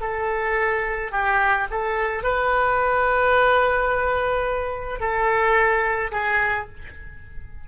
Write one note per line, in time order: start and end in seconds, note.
0.00 1.11 A4
1.11 1.67 G4
1.70 2.23 A4
2.23 5.00 B4
5.00 6.11 A4
6.11 6.67 G#4